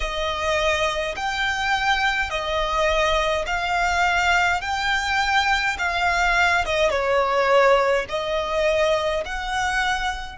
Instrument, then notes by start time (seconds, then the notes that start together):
violin
0.00 D#5
1.15 G5
2.30 D#5
3.46 F5
4.61 G5
5.78 F5
6.65 D#5
6.90 C#5
8.08 D#5
9.25 F#5